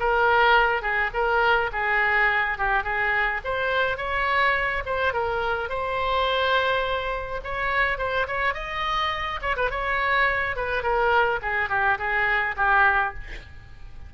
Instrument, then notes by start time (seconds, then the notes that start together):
oboe
0.00 A#4
0.82 G#4
1.14 A#4
1.72 G#4
2.58 G4
2.84 G#4
3.45 C5
3.98 C#5
4.86 C5
5.13 A#4
5.70 C5
7.44 C#5
7.98 C5
8.28 C#5
8.55 D#5
9.42 C#5
9.57 B4
9.71 C#5
10.56 B4
10.83 A#4
11.42 G#4
11.70 G4
11.98 G#4
12.57 G4